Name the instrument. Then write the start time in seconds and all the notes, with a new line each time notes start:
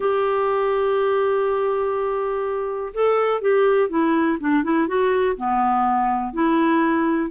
clarinet
0.00 G4
2.94 A4
3.41 G4
3.89 E4
4.39 D4
4.63 E4
4.87 F#4
5.36 B3
6.33 E4